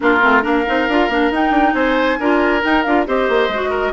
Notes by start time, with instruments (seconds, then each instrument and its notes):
0.00 bassoon A#3, clarinet D4, oboe F4, flute A#4
0.21 bassoon A3, clarinet C4
0.42 bassoon A#3, clarinet D4, oboe A#4, flute F5
0.66 bassoon C4, clarinet D#4
0.88 bassoon D4, clarinet F4
1.09 bassoon A#3, clarinet D4
1.30 bassoon D#4, clarinet D#4, flute G5
1.50 bassoon D4
1.74 bassoon C4, oboe C5, flute G#5
2.19 bassoon D4, clarinet F4, oboe A#4
2.61 clarinet D#4, bassoon D#4, flute G5
2.83 bassoon D4, clarinet F4, flute F5
3.06 bassoon C4, clarinet G4, oboe C5, flute D#5
3.28 bassoon A#3
3.48 bassoon G#3, clarinet F#4
3.70 oboe A#4